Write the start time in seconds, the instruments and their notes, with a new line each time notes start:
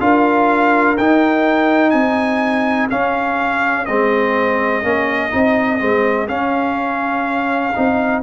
0.00 tuba D4, trombone F4, horn A#4, trumpet F5
0.97 tuba D#4, trombone D#4, trumpet G5
1.90 tuba C4, horn G#4, trumpet G#5
2.90 trombone C#4, tuba C#4, trumpet F5
3.85 tuba G#3, trombone C4, trumpet D#5
4.82 tuba A#3, trombone C#4
5.30 tuba C4, trombone D#4
5.79 tuba G#3, trombone C4
6.28 trombone C#4, tuba C#4, trumpet F5
7.75 tuba C4, trombone D#4